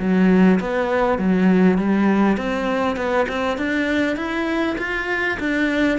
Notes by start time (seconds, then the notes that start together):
0.00 F#3
0.61 B3
1.19 F#3
1.79 G3
2.38 C4
2.97 B3
3.29 C4
3.58 D4
4.17 E4
4.79 F4
5.40 D4